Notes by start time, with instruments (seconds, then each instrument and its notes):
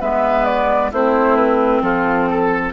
0.00 bassoon G#3, clarinet B3, oboe B4, flute E5
0.45 flute D5
0.91 bassoon A3, clarinet C4, oboe E4, flute C5
1.36 flute B4
1.81 bassoon F3, oboe F4, flute A4
2.30 oboe A4